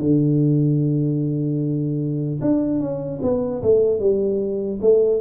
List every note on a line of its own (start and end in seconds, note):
0.00 2.40 D3
2.41 2.80 D4
2.80 3.20 C#4
3.22 3.62 B3
3.63 4.00 A3
4.00 4.80 G3
4.81 5.21 A3